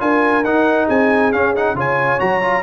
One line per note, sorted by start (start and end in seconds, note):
0.00 0.45 D4
0.00 0.44 F4
0.00 0.87 A#4
0.00 0.45 G#5
0.45 0.88 D#4
0.45 1.34 D#4
0.45 0.89 F#5
0.87 1.33 C4
0.87 1.75 G#4
0.87 1.33 G#5
1.33 1.75 C#4
1.33 1.56 C#4
1.33 1.55 F5
1.56 1.76 D#4
1.56 1.78 F#5
1.75 2.19 C#3
1.75 2.20 F4
1.75 2.63 C#5
1.75 2.20 G#5
2.20 2.63 F#3
2.20 2.41 F#4
2.20 2.63 A#5
2.42 2.63 F4